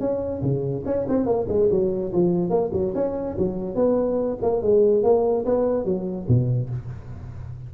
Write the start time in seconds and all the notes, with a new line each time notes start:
0.00 C#4
0.42 C#3
0.86 C#4
1.09 C4
1.26 A#3
1.48 G#3
1.71 F#3
2.13 F3
2.50 A#3
2.73 F#3
2.95 C#4
3.38 F#3
3.75 B3
4.42 A#3
4.62 G#3
5.03 A#3
5.45 B3
5.85 F#3
6.28 B2